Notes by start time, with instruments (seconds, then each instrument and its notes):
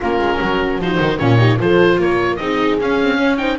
0.00 double bass A#3, viola C#4, horn F4, oboe A#4
0.18 double bass G#3
0.39 double bass F#3, horn F#4
0.78 double bass F3, viola D#4, oboe C5
0.99 double bass D#3
1.18 double bass A#2, viola C#4, horn F4, oboe C#5
1.37 viola D#4, horn G4
1.58 double bass F3, viola F4, horn A4, oboe C5
1.98 double bass A#3, horn A#4, oboe C#5
2.36 double bass C4, viola D#4, horn G#4, oboe D#5
2.80 double bass C#4, viola C#4, oboe F5
3.03 viola C4
3.17 viola C#4, horn C#5
3.37 viola D#4, horn C5, oboe G5